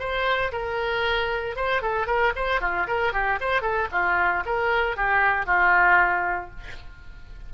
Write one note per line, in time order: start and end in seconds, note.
0.00 0.52 C5
0.52 1.57 A#4
1.57 1.82 C5
1.82 2.07 A4
2.07 2.33 A#4
2.36 2.61 C5
2.61 2.87 F4
2.88 3.13 A#4
3.13 3.39 G4
3.41 3.62 C5
3.62 3.88 A4
3.92 4.44 F4
4.46 4.97 A#4
4.97 5.47 G4
5.47 6.51 F4